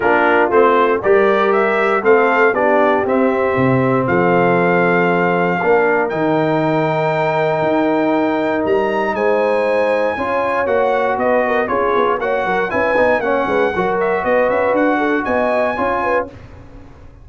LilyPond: <<
  \new Staff \with { instrumentName = "trumpet" } { \time 4/4 \tempo 4 = 118 ais'4 c''4 d''4 e''4 | f''4 d''4 e''2 | f''1 | g''1~ |
g''4 ais''4 gis''2~ | gis''4 fis''4 dis''4 cis''4 | fis''4 gis''4 fis''4. e''8 | dis''8 e''8 fis''4 gis''2 | }
  \new Staff \with { instrumentName = "horn" } { \time 4/4 f'2 ais'2 | a'4 g'2. | a'2. ais'4~ | ais'1~ |
ais'2 c''2 | cis''2 b'8 ais'8 gis'4 | cis''8 ais'8 b'4 cis''8 b'8 ais'4 | b'4. a'8 dis''4 cis''8 b'8 | }
  \new Staff \with { instrumentName = "trombone" } { \time 4/4 d'4 c'4 g'2 | c'4 d'4 c'2~ | c'2. d'4 | dis'1~ |
dis'1 | f'4 fis'2 f'4 | fis'4 e'8 dis'8 cis'4 fis'4~ | fis'2. f'4 | }
  \new Staff \with { instrumentName = "tuba" } { \time 4/4 ais4 a4 g2 | a4 b4 c'4 c4 | f2. ais4 | dis2. dis'4~ |
dis'4 g4 gis2 | cis'4 ais4 b4 cis'8 b8 | ais8 fis8 cis'8 b8 ais8 gis8 fis4 | b8 cis'8 d'4 b4 cis'4 | }
>>